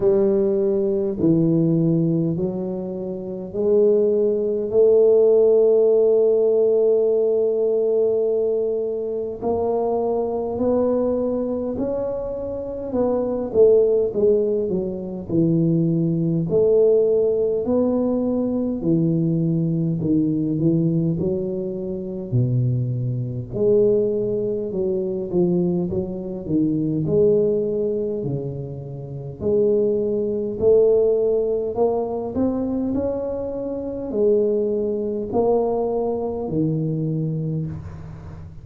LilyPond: \new Staff \with { instrumentName = "tuba" } { \time 4/4 \tempo 4 = 51 g4 e4 fis4 gis4 | a1 | ais4 b4 cis'4 b8 a8 | gis8 fis8 e4 a4 b4 |
e4 dis8 e8 fis4 b,4 | gis4 fis8 f8 fis8 dis8 gis4 | cis4 gis4 a4 ais8 c'8 | cis'4 gis4 ais4 dis4 | }